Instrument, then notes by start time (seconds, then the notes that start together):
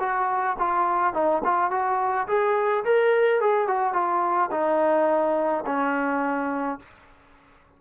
trombone
0.00 F#4
0.59 F4
1.14 D#4
1.44 F4
1.71 F#4
2.28 G#4
2.85 A#4
3.41 G#4
3.68 F#4
3.94 F4
4.51 D#4
5.66 C#4